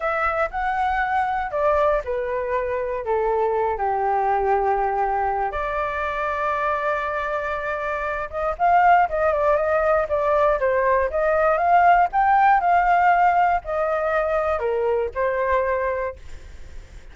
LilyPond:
\new Staff \with { instrumentName = "flute" } { \time 4/4 \tempo 4 = 119 e''4 fis''2 d''4 | b'2 a'4. g'8~ | g'2. d''4~ | d''1~ |
d''8 dis''8 f''4 dis''8 d''8 dis''4 | d''4 c''4 dis''4 f''4 | g''4 f''2 dis''4~ | dis''4 ais'4 c''2 | }